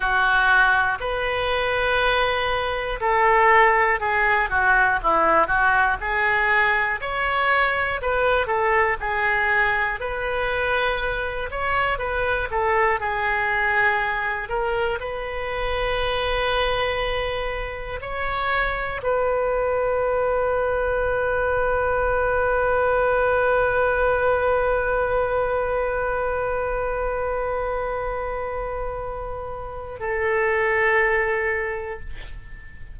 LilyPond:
\new Staff \with { instrumentName = "oboe" } { \time 4/4 \tempo 4 = 60 fis'4 b'2 a'4 | gis'8 fis'8 e'8 fis'8 gis'4 cis''4 | b'8 a'8 gis'4 b'4. cis''8 | b'8 a'8 gis'4. ais'8 b'4~ |
b'2 cis''4 b'4~ | b'1~ | b'1~ | b'2 a'2 | }